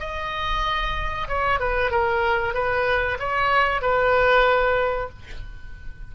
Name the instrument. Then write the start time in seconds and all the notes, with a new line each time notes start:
oboe
0.00 D#5
1.28 C#5
1.60 B4
1.91 A#4
2.54 B4
3.20 C#5
3.82 B4